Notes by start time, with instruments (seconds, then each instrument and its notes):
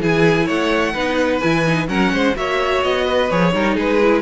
0.00 cello E3, viola E4, violin G#4 G#5
0.45 cello A3, violin C#5 F#5
0.93 cello B3, viola D#4, violin B4
1.39 cello E3, viola E4, violin G#5
1.67 viola D#4
1.87 cello F#3, viola C#4, violin A#4 F#5
2.12 cello G#3, violin C5
2.34 cello A#3, viola F#4, violin C#5 E5
2.83 cello B3, violin D#5
3.04 violin B4
3.30 cello F3, viola G#4, violin C#5
3.52 cello G3, viola D#4, violin A#4
3.75 cello G#3, violin G#4 B4
4.01 viola E4